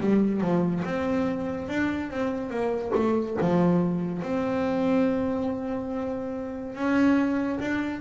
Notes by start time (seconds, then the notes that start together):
0.00 G3
0.41 F3
0.85 C4
1.69 D4
2.10 C4
2.50 A#3
2.95 A3
3.41 F3
4.23 C4
6.75 C#4
7.60 D4